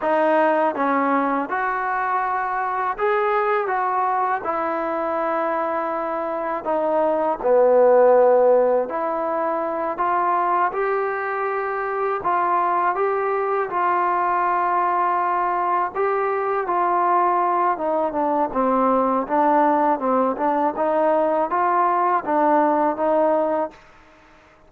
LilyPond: \new Staff \with { instrumentName = "trombone" } { \time 4/4 \tempo 4 = 81 dis'4 cis'4 fis'2 | gis'4 fis'4 e'2~ | e'4 dis'4 b2 | e'4. f'4 g'4.~ |
g'8 f'4 g'4 f'4.~ | f'4. g'4 f'4. | dis'8 d'8 c'4 d'4 c'8 d'8 | dis'4 f'4 d'4 dis'4 | }